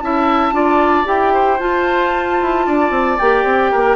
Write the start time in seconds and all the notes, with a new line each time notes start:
0.00 C#4 E4 E5 A5
0.52 D4 F4 D5
1.04 E4 G4 G5
1.33 C5
1.59 F4 A5
2.41 E4
2.66 D4 D5
2.90 C4
3.18 A#3 G4 G5
3.44 C4
3.71 A#3 A#4